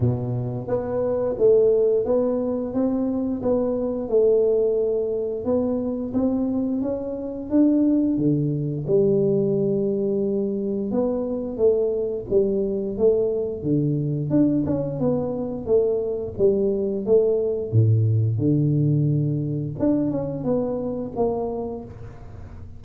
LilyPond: \new Staff \with { instrumentName = "tuba" } { \time 4/4 \tempo 4 = 88 b,4 b4 a4 b4 | c'4 b4 a2 | b4 c'4 cis'4 d'4 | d4 g2. |
b4 a4 g4 a4 | d4 d'8 cis'8 b4 a4 | g4 a4 a,4 d4~ | d4 d'8 cis'8 b4 ais4 | }